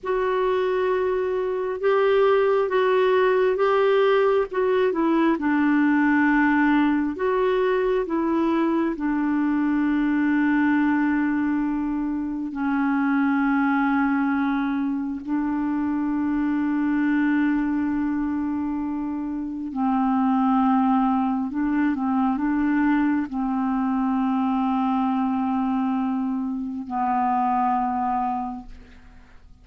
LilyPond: \new Staff \with { instrumentName = "clarinet" } { \time 4/4 \tempo 4 = 67 fis'2 g'4 fis'4 | g'4 fis'8 e'8 d'2 | fis'4 e'4 d'2~ | d'2 cis'2~ |
cis'4 d'2.~ | d'2 c'2 | d'8 c'8 d'4 c'2~ | c'2 b2 | }